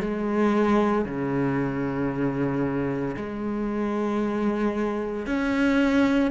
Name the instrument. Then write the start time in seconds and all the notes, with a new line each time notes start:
cello
0.00 G#3
1.05 C#3
3.16 G#3
5.26 C#4